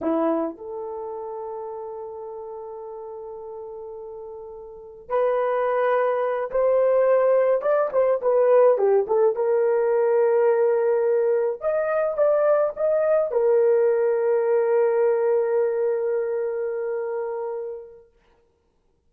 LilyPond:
\new Staff \with { instrumentName = "horn" } { \time 4/4 \tempo 4 = 106 e'4 a'2.~ | a'1~ | a'4 b'2~ b'8 c''8~ | c''4. d''8 c''8 b'4 g'8 |
a'8 ais'2.~ ais'8~ | ais'8 dis''4 d''4 dis''4 ais'8~ | ais'1~ | ais'1 | }